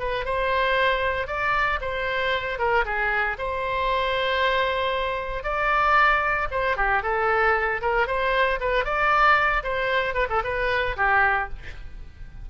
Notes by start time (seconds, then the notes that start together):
0.00 B4
0.25 C5
1.27 D5
1.81 C5
2.59 A#4
2.85 G#4
3.39 C5
5.44 D5
6.51 C5
6.77 G4
7.03 A4
7.82 A#4
8.08 C5
8.60 B4
8.85 D5
9.64 C5
10.15 B4
10.30 A4
10.44 B4
10.97 G4